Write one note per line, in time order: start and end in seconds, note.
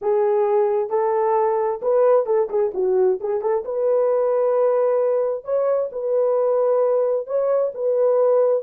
0.01 0.89 G#4
0.89 1.80 A4
1.82 2.26 B4
2.26 2.48 A4
2.49 2.72 G#4
2.74 3.19 F#4
3.20 3.41 G#4
3.41 3.63 A4
3.64 5.44 B4
5.44 5.89 C#5
5.92 7.26 B4
7.26 7.72 C#5
7.74 8.63 B4